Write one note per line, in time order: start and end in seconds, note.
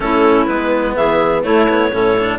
0.00 0.46 A3
0.00 0.47 C#4
0.00 0.96 E4
0.00 0.46 A4
0.46 0.96 G#3
0.46 1.43 B3
0.46 0.94 B4
0.96 1.45 E3
0.96 1.43 G#4
0.96 1.44 E5
1.43 1.67 A3
1.43 1.91 A3
1.43 1.91 E4
1.43 2.39 C#5
1.68 1.92 B3
1.91 2.39 A2
1.91 2.17 C#4
1.91 2.39 A4
2.19 2.39 D4